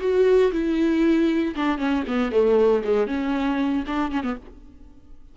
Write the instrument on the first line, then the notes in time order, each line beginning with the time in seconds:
viola
0.00 F#4
0.52 E4
1.55 D4
1.77 C#4
2.07 B3
2.31 A3
2.83 G#3
3.07 C#4
3.86 D4
4.11 C#4
4.23 B3